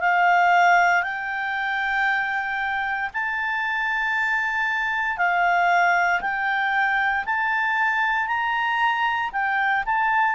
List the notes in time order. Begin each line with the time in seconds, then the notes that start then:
0.00 F5
1.03 G5
3.13 A5
5.17 F5
6.21 G5
7.25 A5
8.27 A#5
9.32 G5
9.86 A5